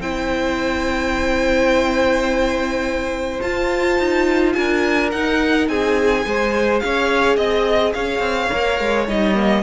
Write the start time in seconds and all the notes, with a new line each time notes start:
0.00 C4 E4 C5 G5
3.40 F4 A5
3.98 D#4
4.52 D4 A#4 G#5
5.11 D#4 F#5
5.68 C4 G#4 G#5
6.25 G#3 G#4 C5
6.80 C#4 C#5 F5
7.37 C4 D#5
7.93 C#4 C#5 F5
8.19 C4
8.52 A#3 A#4
8.80 G#3
9.08 G3 D#4 D#5
9.35 A#3